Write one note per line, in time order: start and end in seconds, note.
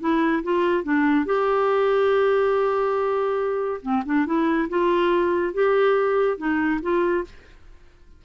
0.00 0.43 E4
0.43 0.84 F4
0.84 1.26 D4
1.26 3.81 G4
3.82 4.03 C4
4.06 4.26 D4
4.26 4.68 E4
4.69 5.54 F4
5.54 6.38 G4
6.38 6.80 D#4
6.82 7.24 F4